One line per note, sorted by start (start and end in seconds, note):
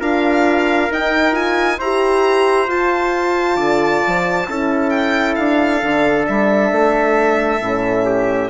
0.00 0.90 D4
0.00 0.90 F4
0.00 1.79 A#4
0.00 0.92 F5
0.90 1.32 D#4
0.90 1.80 D#4
0.90 1.35 G5
1.32 1.77 F4
1.32 1.80 G#5
1.79 2.68 E4
1.79 2.68 G4
1.79 3.57 C5
1.79 2.70 A#5
2.68 3.57 F4
2.68 4.47 F4
2.68 4.90 A5
3.57 4.02 D3
3.57 4.46 D5
4.07 4.48 F3
4.48 5.38 C#4
4.48 5.83 E4
4.48 8.06 A4
4.90 5.35 G5
5.35 5.83 D4
5.35 6.25 F5
5.83 6.27 D3
5.83 7.62 D4
6.27 6.72 G3
6.27 8.50 E5
6.72 7.61 A3
7.61 8.50 A2
7.61 8.50 C#4
8.06 8.50 G4